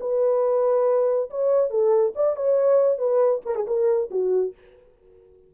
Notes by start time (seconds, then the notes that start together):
0.00 B4
1.30 C#5
1.70 A4
2.15 D5
2.36 C#5
2.98 B4
3.45 A#4
3.55 G#4
3.67 A#4
4.10 F#4